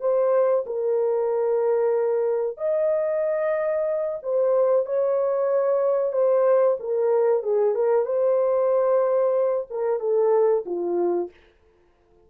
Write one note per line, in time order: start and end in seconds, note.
0.00 0.65 C5
0.66 2.57 A#4
2.57 4.18 D#5
4.22 4.86 C5
4.86 6.12 C#5
6.12 6.77 C5
6.79 7.43 A#4
7.43 7.74 G#4
7.74 8.05 A#4
8.05 9.67 C5
9.70 9.99 A#4
9.99 10.64 A4
10.65 11.30 F4